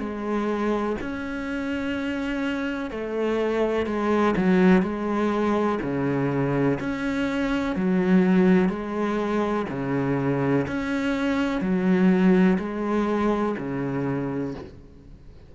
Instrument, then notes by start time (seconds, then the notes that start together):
cello
0.00 G#3
1.01 C#4
2.91 A3
3.86 G#3
4.37 F#3
4.82 G#3
5.82 C#3
6.80 C#4
7.76 F#3
8.69 G#3
9.70 C#3
10.68 C#4
11.61 F#3
12.59 G#3
13.58 C#3